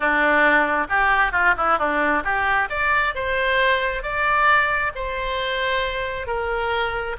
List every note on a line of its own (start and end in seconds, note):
0.00 0.87 D4
0.89 1.32 G4
1.32 1.54 F4
1.57 1.78 E4
1.78 2.23 D4
2.24 2.69 G4
2.69 3.14 D5
3.14 4.02 C5
4.02 4.92 D5
4.95 6.26 C5
6.26 7.16 A#4